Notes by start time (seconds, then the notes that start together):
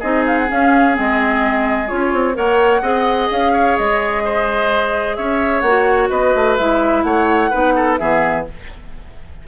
0.00 C4 D#4 G#4 D#5
0.27 F5
0.39 F#5
0.48 C#4 F5
0.94 G#3 C4 D#5
1.88 C#4 F4 C#5
2.14 C4
2.34 A#3 A#4 C#5 F#5
2.82 C4 G#4 D#5
3.31 C#4 F5
3.53 C#5
3.78 G#3 D#5
4.25 C5
5.16 C#4 C#5 E5
5.61 A#3 F#5
5.67 F#4
6.10 B3 B4 D#5
6.36 A3
6.58 G#3 E4 E5
7.04 A3 C#5 F#5
7.51 B3 D#4 B4
7.76 A4
7.98 E3 B3 G#4 E5